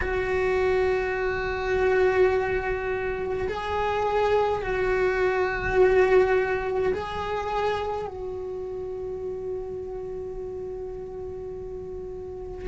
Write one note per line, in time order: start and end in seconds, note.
0.01 3.47 F#4
3.48 4.62 G#4
4.62 6.92 F#4
6.93 8.07 G#4
8.07 12.68 F#4